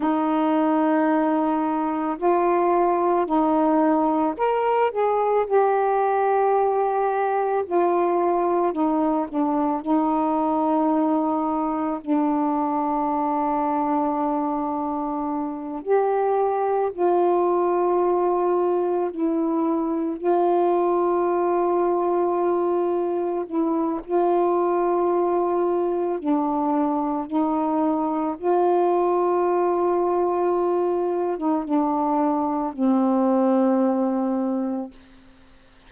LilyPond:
\new Staff \with { instrumentName = "saxophone" } { \time 4/4 \tempo 4 = 55 dis'2 f'4 dis'4 | ais'8 gis'8 g'2 f'4 | dis'8 d'8 dis'2 d'4~ | d'2~ d'8 g'4 f'8~ |
f'4. e'4 f'4.~ | f'4. e'8 f'2 | d'4 dis'4 f'2~ | f'8. dis'16 d'4 c'2 | }